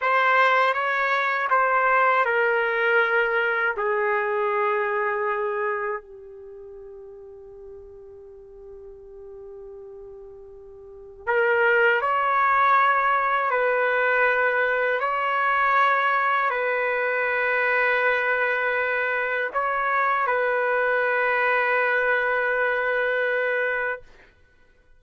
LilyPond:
\new Staff \with { instrumentName = "trumpet" } { \time 4/4 \tempo 4 = 80 c''4 cis''4 c''4 ais'4~ | ais'4 gis'2. | g'1~ | g'2. ais'4 |
cis''2 b'2 | cis''2 b'2~ | b'2 cis''4 b'4~ | b'1 | }